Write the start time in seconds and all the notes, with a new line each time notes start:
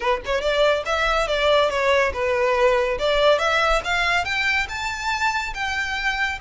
0.00 B4
0.25 C#5
0.41 D5
0.85 E5
1.27 D5
1.70 C#5
2.13 B4
2.99 D5
3.38 E5
3.84 F5
4.24 G5
4.68 A5
5.53 G5